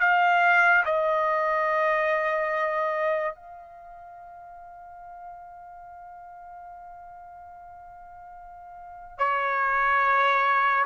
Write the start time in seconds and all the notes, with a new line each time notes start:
0.00 F5
0.84 D#5
3.34 F5
9.18 C#5